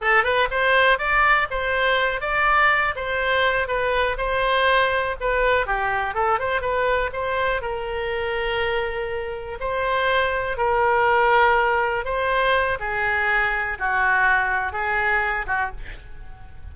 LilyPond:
\new Staff \with { instrumentName = "oboe" } { \time 4/4 \tempo 4 = 122 a'8 b'8 c''4 d''4 c''4~ | c''8 d''4. c''4. b'8~ | b'8 c''2 b'4 g'8~ | g'8 a'8 c''8 b'4 c''4 ais'8~ |
ais'2.~ ais'8 c''8~ | c''4. ais'2~ ais'8~ | ais'8 c''4. gis'2 | fis'2 gis'4. fis'8 | }